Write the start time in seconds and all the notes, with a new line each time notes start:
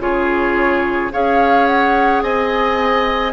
0.00 C#3 F4 G#4 C#5
1.13 C#4 G#4 C#5 F5
1.67 F#5
2.23 C4 D#5 G#5